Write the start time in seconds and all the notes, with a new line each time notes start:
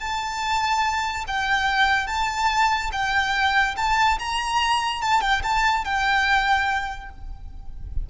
0.00 A5
1.28 G5
2.07 A5
2.93 G5
3.77 A5
4.20 A#5
5.02 A5
5.21 G5
5.44 A5
5.85 G5